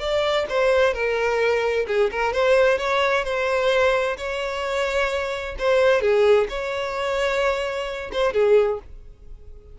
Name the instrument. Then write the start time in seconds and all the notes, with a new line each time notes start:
violin
0.00 D5
0.49 C5
0.94 A#4
1.88 G#4
2.11 A#4
2.33 C5
2.78 C#5
3.25 C5
4.17 C#5
5.59 C5
6.01 G#4
6.50 C#5
8.13 C5
8.33 G#4